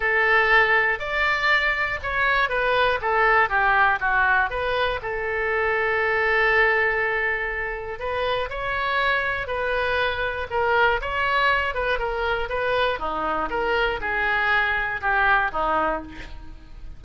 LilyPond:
\new Staff \with { instrumentName = "oboe" } { \time 4/4 \tempo 4 = 120 a'2 d''2 | cis''4 b'4 a'4 g'4 | fis'4 b'4 a'2~ | a'1 |
b'4 cis''2 b'4~ | b'4 ais'4 cis''4. b'8 | ais'4 b'4 dis'4 ais'4 | gis'2 g'4 dis'4 | }